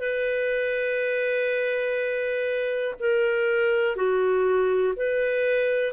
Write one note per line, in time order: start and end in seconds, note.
0.00 2.95 B4
3.00 3.96 A#4
3.96 4.94 F#4
4.96 5.93 B4